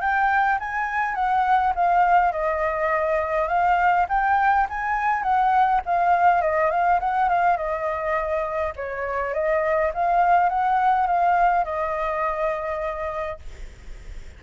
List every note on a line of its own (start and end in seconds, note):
0.00 0.58 G5
0.59 1.14 G#5
1.14 1.73 F#5
1.75 2.32 F5
2.32 3.48 D#5
3.48 4.06 F5
4.09 4.67 G5
4.69 5.22 G#5
5.22 5.80 F#5
5.85 6.41 F5
6.41 6.70 D#5
6.70 6.99 F5
7.00 7.28 F#5
7.28 7.56 F5
7.56 8.73 D#5
8.76 9.33 C#5
9.33 9.91 D#5
9.94 10.49 F5
10.49 11.07 F#5
11.07 11.64 F5
11.64 13.39 D#5